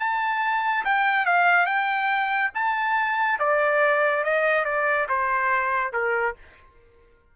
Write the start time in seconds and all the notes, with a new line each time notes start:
0.00 A5
0.85 G5
1.26 F5
1.66 G5
2.55 A5
3.40 D5
4.24 D#5
4.65 D5
5.09 C5
5.93 A#4